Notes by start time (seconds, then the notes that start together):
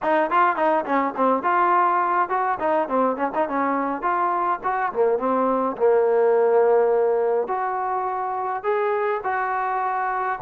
0.02 D#4
0.30 F4
0.56 D#4
0.85 C#4
1.16 C4
1.42 F4
2.29 F#4
2.59 D#4
2.88 C4
3.16 C#4
3.34 D#4
3.48 C#4
4.02 F4
4.63 F#4
4.92 A#3
5.18 C4
5.77 A#3
7.47 F#4
8.63 G#4
9.23 F#4